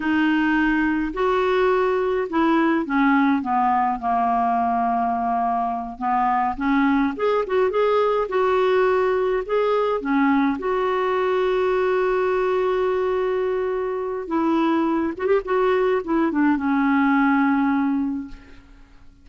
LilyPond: \new Staff \with { instrumentName = "clarinet" } { \time 4/4 \tempo 4 = 105 dis'2 fis'2 | e'4 cis'4 b4 ais4~ | ais2~ ais8 b4 cis'8~ | cis'8 gis'8 fis'8 gis'4 fis'4.~ |
fis'8 gis'4 cis'4 fis'4.~ | fis'1~ | fis'4 e'4. fis'16 g'16 fis'4 | e'8 d'8 cis'2. | }